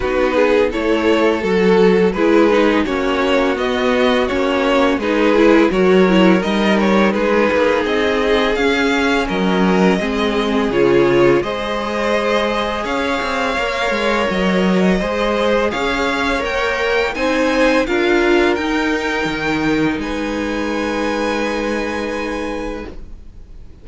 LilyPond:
<<
  \new Staff \with { instrumentName = "violin" } { \time 4/4 \tempo 4 = 84 b'4 cis''4 a'4 b'4 | cis''4 dis''4 cis''4 b'4 | cis''4 dis''8 cis''8 b'4 dis''4 | f''4 dis''2 cis''4 |
dis''2 f''2 | dis''2 f''4 g''4 | gis''4 f''4 g''2 | gis''1 | }
  \new Staff \with { instrumentName = "violin" } { \time 4/4 fis'8 gis'8 a'2 gis'4 | fis'2. gis'4 | ais'2 gis'2~ | gis'4 ais'4 gis'2 |
c''2 cis''2~ | cis''4 c''4 cis''2 | c''4 ais'2. | b'1 | }
  \new Staff \with { instrumentName = "viola" } { \time 4/4 dis'4 e'4 fis'4 e'8 dis'8 | cis'4 b4 cis'4 dis'8 e'8 | fis'8 e'8 dis'2. | cis'2 c'4 f'4 |
gis'2. ais'4~ | ais'4 gis'2 ais'4 | dis'4 f'4 dis'2~ | dis'1 | }
  \new Staff \with { instrumentName = "cello" } { \time 4/4 b4 a4 fis4 gis4 | ais4 b4 ais4 gis4 | fis4 g4 gis8 ais8 c'4 | cis'4 fis4 gis4 cis4 |
gis2 cis'8 c'8 ais8 gis8 | fis4 gis4 cis'4 ais4 | c'4 d'4 dis'4 dis4 | gis1 | }
>>